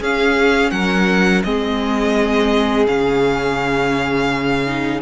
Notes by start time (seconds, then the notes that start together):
0.00 C#4 G#4 F5
0.70 F#3 A#4 F#5
1.43 G#3 C4 G#4 D#5
2.86 C#3 C#4 F5
4.66 D#4